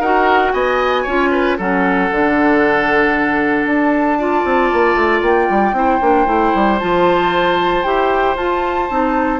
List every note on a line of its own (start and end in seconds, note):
0.00 0.52 D#4
0.00 1.08 F#4
0.00 0.52 A#4
0.00 0.53 F#5
0.53 1.06 B3
0.53 1.03 D#5
0.53 1.57 G#5
1.03 1.59 C#4
1.03 1.58 F4
1.03 1.29 C#5
1.31 1.57 B4
1.58 2.11 F#3
1.58 2.11 C#4
1.58 4.18 A4
1.58 3.68 F#5
2.11 3.66 D3
2.11 4.19 D4
3.66 4.44 D4
3.66 5.23 A5
4.19 5.74 F4
4.19 5.76 D5
4.44 4.71 C4
4.73 4.95 A#3
4.95 5.21 A3
5.22 5.48 A#3
5.22 6.79 G5
5.50 5.73 G3
5.73 5.99 C4
5.73 6.00 E4
5.73 9.40 C5
6.01 6.27 A#3
6.01 6.26 D4
6.26 6.53 A3
6.26 6.78 E4
6.55 6.81 G3
6.79 7.85 F3
6.79 7.84 F4
6.79 7.83 A5
7.83 8.36 E4
7.83 8.36 G4
7.83 8.35 G5
8.36 8.88 F4
8.36 8.90 F4
8.36 9.40 A5
8.90 9.40 C4
8.90 9.40 D#4